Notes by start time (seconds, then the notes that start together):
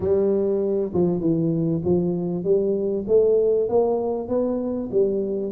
0.00 G3
0.93 F3
1.20 E3
1.84 F3
2.44 G3
3.07 A3
3.68 A#3
4.28 B3
4.91 G3